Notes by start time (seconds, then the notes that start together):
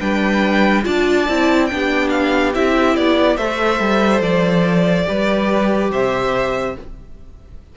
0.00 G3 D4 B4 G5
0.84 D4 F4 D5 A5
1.29 C4 E4
1.67 D4 G5
1.73 B3 G4
2.10 F5
2.54 C4 E4 E5
2.96 B3 D5
3.36 A3 A4 C5 E5
3.80 G3
4.21 F3 D5
5.06 G3 G4 B4
5.92 C3 C5 E5